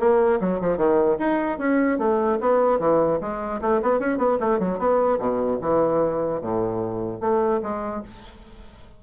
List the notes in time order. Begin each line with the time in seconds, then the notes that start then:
0.00 A#3
0.41 F#3
0.61 F3
0.78 D#3
1.19 D#4
1.59 C#4
1.99 A3
2.41 B3
2.80 E3
3.21 G#3
3.62 A3
3.83 B3
4.00 C#4
4.19 B3
4.41 A3
4.60 F#3
4.79 B3
5.20 B2
5.62 E3
6.42 A2
7.21 A3
7.63 G#3